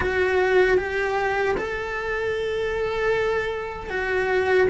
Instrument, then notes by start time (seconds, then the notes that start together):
cello
0.00 F#4
0.77 G4
1.57 A4
3.89 F#4